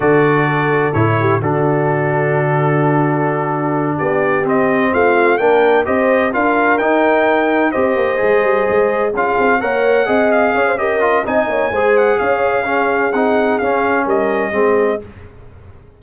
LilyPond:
<<
  \new Staff \with { instrumentName = "trumpet" } { \time 4/4 \tempo 4 = 128 d''2 cis''4 a'4~ | a'1~ | a'8 d''4 dis''4 f''4 g''8~ | g''8 dis''4 f''4 g''4.~ |
g''8 dis''2. f''8~ | f''8 fis''4. f''4 dis''4 | gis''4. fis''8 f''2 | fis''4 f''4 dis''2 | }
  \new Staff \with { instrumentName = "horn" } { \time 4/4 a'2~ a'8 g'8 fis'4~ | fis'1~ | fis'8 g'2 f'4 ais'8~ | ais'8 c''4 ais'2~ ais'8~ |
ais'8 c''2. gis'8~ | gis'8 cis''4 dis''4 cis''16 c''16 ais'4 | dis''8 cis''8 c''4 cis''4 gis'4~ | gis'2 ais'4 gis'4 | }
  \new Staff \with { instrumentName = "trombone" } { \time 4/4 fis'2 e'4 d'4~ | d'1~ | d'4. c'2 d'8~ | d'8 g'4 f'4 dis'4.~ |
dis'8 g'4 gis'2 f'8~ | f'8 ais'4 gis'4. g'8 f'8 | dis'4 gis'2 cis'4 | dis'4 cis'2 c'4 | }
  \new Staff \with { instrumentName = "tuba" } { \time 4/4 d2 a,4 d4~ | d1~ | d8 b4 c'4 a4 ais8~ | ais8 c'4 d'4 dis'4.~ |
dis'8 c'8 ais8 gis8 g8 gis4 cis'8 | c'8 ais4 c'4 cis'4. | c'8 ais8 gis4 cis'2 | c'4 cis'4 g4 gis4 | }
>>